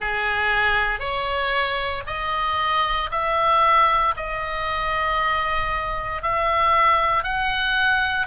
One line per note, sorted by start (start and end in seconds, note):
0.00 0.99 G#4
0.99 2.03 C#5
2.06 3.10 D#5
3.11 4.14 E5
4.16 6.22 D#5
6.22 7.23 E5
7.23 8.26 F#5